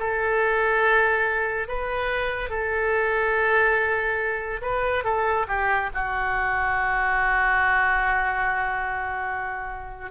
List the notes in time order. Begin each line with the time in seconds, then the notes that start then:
0.00 A4
1.68 B4
2.50 A4
4.62 B4
5.05 A4
5.48 G4
5.94 F#4